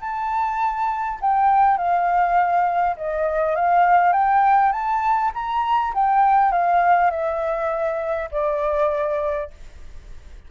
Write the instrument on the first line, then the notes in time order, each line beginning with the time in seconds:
flute
0.00 A5
1.21 G5
1.77 F5
2.97 D#5
3.56 F5
4.13 G5
4.72 A5
5.34 A#5
5.94 G5
6.52 F5
7.11 E5
8.32 D5